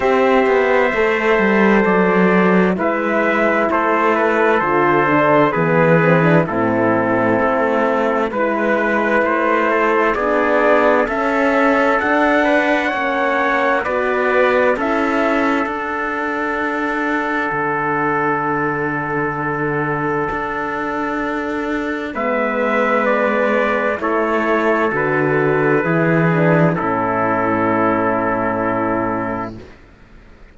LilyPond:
<<
  \new Staff \with { instrumentName = "trumpet" } { \time 4/4 \tempo 4 = 65 e''2 d''4 e''4 | c''8 b'8 c''4 b'4 a'4~ | a'4 b'4 c''4 d''4 | e''4 fis''2 d''4 |
e''4 fis''2.~ | fis''1 | e''4 d''4 cis''4 b'4~ | b'4 a'2. | }
  \new Staff \with { instrumentName = "trumpet" } { \time 4/4 c''2. b'4 | a'2 gis'4 e'4~ | e'4 b'4. a'8 gis'4 | a'4. b'8 cis''4 b'4 |
a'1~ | a'1 | b'2 a'2 | gis'4 e'2. | }
  \new Staff \with { instrumentName = "horn" } { \time 4/4 g'4 a'2 e'4~ | e'4 f'8 d'8 b8 c'16 d'16 c'4~ | c'4 e'2 d'4 | cis'4 d'4 cis'4 fis'4 |
e'4 d'2.~ | d'1 | b2 e'4 fis'4 | e'8 d'8 cis'2. | }
  \new Staff \with { instrumentName = "cello" } { \time 4/4 c'8 b8 a8 g8 fis4 gis4 | a4 d4 e4 a,4 | a4 gis4 a4 b4 | cis'4 d'4 ais4 b4 |
cis'4 d'2 d4~ | d2 d'2 | gis2 a4 d4 | e4 a,2. | }
>>